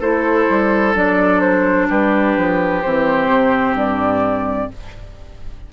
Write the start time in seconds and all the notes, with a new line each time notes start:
0.00 A3 E4 A4 C5
0.49 G3
0.95 F#3 D4 D5
1.40 C5
1.89 G3 G4 B4
2.37 F3
2.82 E3 C4 C5
3.28 C3
3.73 G2 D5